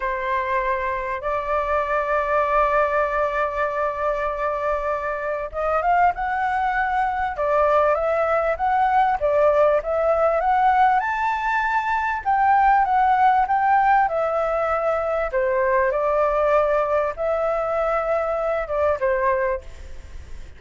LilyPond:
\new Staff \with { instrumentName = "flute" } { \time 4/4 \tempo 4 = 98 c''2 d''2~ | d''1~ | d''4 dis''8 f''8 fis''2 | d''4 e''4 fis''4 d''4 |
e''4 fis''4 a''2 | g''4 fis''4 g''4 e''4~ | e''4 c''4 d''2 | e''2~ e''8 d''8 c''4 | }